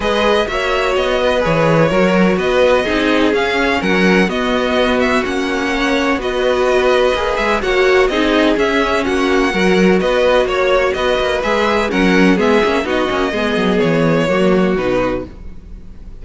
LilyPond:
<<
  \new Staff \with { instrumentName = "violin" } { \time 4/4 \tempo 4 = 126 dis''4 e''4 dis''4 cis''4~ | cis''4 dis''2 f''4 | fis''4 dis''4. e''8 fis''4~ | fis''4 dis''2~ dis''8 e''8 |
fis''4 dis''4 e''4 fis''4~ | fis''4 dis''4 cis''4 dis''4 | e''4 fis''4 e''4 dis''4~ | dis''4 cis''2 b'4 | }
  \new Staff \with { instrumentName = "violin" } { \time 4/4 b'4 cis''4. b'4. | ais'4 b'4 gis'2 | ais'4 fis'2. | cis''4 b'2. |
cis''4 gis'2 fis'4 | ais'4 b'4 cis''4 b'4~ | b'4 ais'4 gis'4 fis'4 | gis'2 fis'2 | }
  \new Staff \with { instrumentName = "viola" } { \time 4/4 gis'4 fis'2 gis'4 | fis'2 dis'4 cis'4~ | cis'4 b2 cis'4~ | cis'4 fis'2 gis'4 |
fis'4 dis'4 cis'2 | fis'1 | gis'4 cis'4 b8 cis'8 dis'8 cis'8 | b2 ais4 dis'4 | }
  \new Staff \with { instrumentName = "cello" } { \time 4/4 gis4 ais4 b4 e4 | fis4 b4 c'4 cis'4 | fis4 b2 ais4~ | ais4 b2 ais8 gis8 |
ais4 c'4 cis'4 ais4 | fis4 b4 ais4 b8 ais8 | gis4 fis4 gis8 ais8 b8 ais8 | gis8 fis8 e4 fis4 b,4 | }
>>